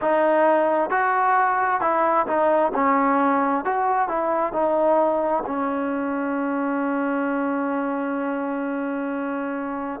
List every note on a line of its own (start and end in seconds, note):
0.01 0.90 D#4
0.90 1.81 F#4
1.81 2.26 E4
2.26 2.72 D#4
2.74 3.64 C#4
3.64 4.08 F#4
4.08 4.52 E4
4.52 5.43 D#4
5.46 10.00 C#4